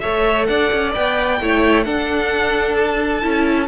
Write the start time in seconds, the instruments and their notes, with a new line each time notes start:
0.00 cello A3, viola A4, violin C#5 E5
0.46 cello D4, violin D5 F#5
0.73 cello C#4
0.93 cello B3, viola B4, violin G5
1.41 cello A3, viola E4, violin C#5
1.84 viola D4, cello D4, violin A4 F#5
2.76 violin A5
3.22 cello C#4, viola E4